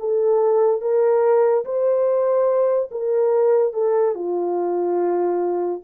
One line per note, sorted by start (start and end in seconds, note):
0.00 0.81 A4
0.81 1.65 A#4
1.66 2.91 C5
2.92 3.74 A#4
3.74 4.16 A4
4.16 5.82 F4